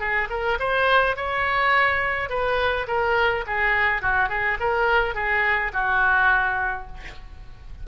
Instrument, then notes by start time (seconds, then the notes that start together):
oboe
0.00 G#4
0.30 A#4
0.60 C5
1.16 C#5
2.30 B4
2.88 A#4
3.47 G#4
4.02 F#4
4.29 G#4
4.60 A#4
5.15 G#4
5.73 F#4